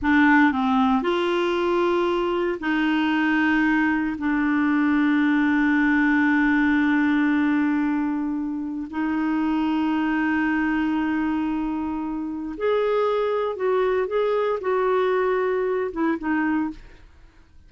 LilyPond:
\new Staff \with { instrumentName = "clarinet" } { \time 4/4 \tempo 4 = 115 d'4 c'4 f'2~ | f'4 dis'2. | d'1~ | d'1~ |
d'4 dis'2.~ | dis'1 | gis'2 fis'4 gis'4 | fis'2~ fis'8 e'8 dis'4 | }